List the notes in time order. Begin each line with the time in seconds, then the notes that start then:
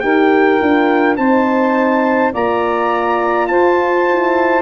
0.00 D#4 G4 A#4 G5
0.60 D4 F4
1.16 C4 D#4 C5 A5
2.32 A#3 F4 D5 A#5
3.47 F4 C5 A5
4.09 E4